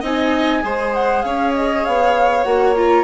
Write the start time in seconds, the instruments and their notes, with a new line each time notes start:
0.00 bassoon C4, viola D#4, violin D#5, flute G#5
0.62 bassoon G#3, viola G#4, violin C5
0.94 flute F#5
1.22 bassoon C#4, violin C#5, flute F5
1.54 flute D#5
1.84 bassoon B3, flute F5
2.43 bassoon A#3, viola F#4, flute F#5
2.76 viola F4, flute A#5